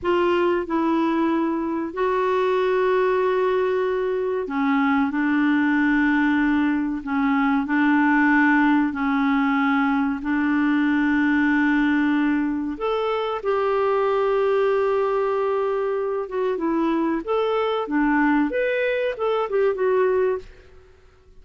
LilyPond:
\new Staff \with { instrumentName = "clarinet" } { \time 4/4 \tempo 4 = 94 f'4 e'2 fis'4~ | fis'2. cis'4 | d'2. cis'4 | d'2 cis'2 |
d'1 | a'4 g'2.~ | g'4. fis'8 e'4 a'4 | d'4 b'4 a'8 g'8 fis'4 | }